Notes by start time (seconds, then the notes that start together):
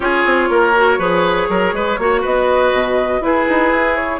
0.00 C#4 F4 G#4 C#5
0.25 C4
0.49 A#3 A#4
0.75 F#4
0.98 F3 G#4 B4
1.48 F#3 A#4
1.72 G#3 B4
1.98 A#3 F#4 C#5
2.21 B3 B4 D#5
2.72 B2
3.20 E4 G#4 B4
3.49 D#4
3.72 E4
3.95 C#5